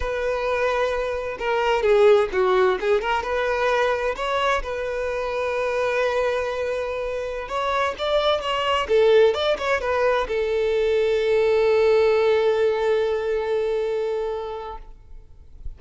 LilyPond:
\new Staff \with { instrumentName = "violin" } { \time 4/4 \tempo 4 = 130 b'2. ais'4 | gis'4 fis'4 gis'8 ais'8 b'4~ | b'4 cis''4 b'2~ | b'1~ |
b'16 cis''4 d''4 cis''4 a'8.~ | a'16 d''8 cis''8 b'4 a'4.~ a'16~ | a'1~ | a'1 | }